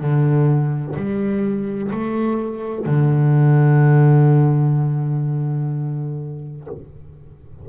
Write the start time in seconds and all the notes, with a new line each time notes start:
0.00 D3
0.95 G3
1.91 A3
2.86 D3